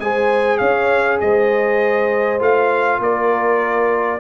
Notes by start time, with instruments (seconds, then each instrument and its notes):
0.00 tuba G#3, trombone G#4, horn C5, trumpet G#5
0.58 tuba C#4, horn C#5, trumpet F5
1.21 tuba G#3, horn C5, trumpet D#5
2.40 tuba A3, trombone F4, trumpet F5
3.00 tuba A#3, horn A#4, trumpet D5